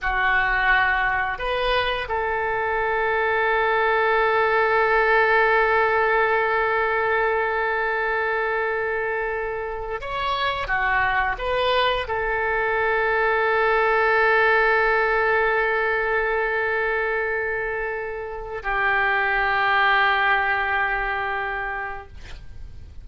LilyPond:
\new Staff \with { instrumentName = "oboe" } { \time 4/4 \tempo 4 = 87 fis'2 b'4 a'4~ | a'1~ | a'1~ | a'2~ a'8 cis''4 fis'8~ |
fis'8 b'4 a'2~ a'8~ | a'1~ | a'2. g'4~ | g'1 | }